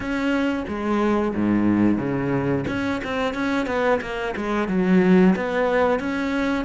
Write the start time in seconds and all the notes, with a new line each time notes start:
0.00 C#4
0.68 G#3
1.35 G#2
1.98 C#3
2.67 C#4
3.04 C4
3.33 C#4
3.66 B3
4.01 A#3
4.36 G#3
4.68 F#3
5.35 B3
5.99 C#4